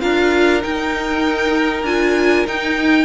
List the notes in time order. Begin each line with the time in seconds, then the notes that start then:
0.00 D4 F4 A#4 F5
0.60 D#4 G5
1.83 D4 F4 G#5
2.46 D#4 G5